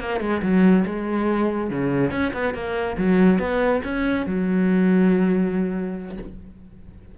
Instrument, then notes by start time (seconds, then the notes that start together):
cello
0.00 A#3
0.20 G#3
0.42 F#3
0.86 G#3
1.70 C#3
2.11 C#4
2.33 B3
2.54 A#3
2.97 F#3
3.39 B3
3.84 C#4
4.26 F#3